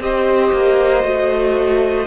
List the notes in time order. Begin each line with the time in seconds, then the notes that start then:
0.00 C4 G4 C5 D#5
0.53 A#3
1.03 A3 F#4